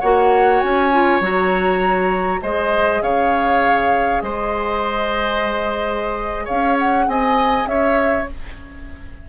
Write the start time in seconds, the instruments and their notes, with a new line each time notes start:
0.00 bassoon A#3, clarinet F#4, oboe C#5, flute F#5
0.60 bassoon C#4, flute G#5
0.92 clarinet F4
1.20 bassoon F#3, clarinet F#4, flute A#5
2.41 bassoon G#3, clarinet G#4, oboe C5, flute D#5
3.02 bassoon C#3, oboe C#5, flute F5
4.22 bassoon G#3, oboe C5, flute D#5
6.45 bassoon C#4, oboe C#5, flute F5
6.79 flute F#5
7.07 bassoon C4, oboe D#5, flute G#5
7.66 bassoon C#4, oboe C#5, flute E5